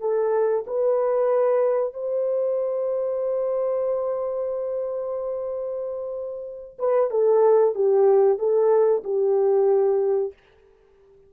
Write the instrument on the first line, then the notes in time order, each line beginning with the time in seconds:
horn
0.00 A4
0.67 B4
1.94 C5
6.79 B4
7.10 A4
7.75 G4
8.38 A4
9.04 G4